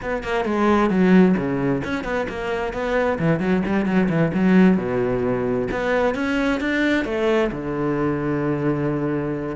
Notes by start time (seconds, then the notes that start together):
0.01 B3
0.23 A#3
0.44 G#3
0.89 F#3
1.37 C#3
1.83 C#4
2.04 B3
2.28 A#3
2.73 B3
3.18 E3
3.39 F#3
3.66 G3
3.85 F#3
4.09 E3
4.33 F#3
4.77 B2
5.71 B3
6.14 C#4
6.60 D4
7.05 A3
7.51 D3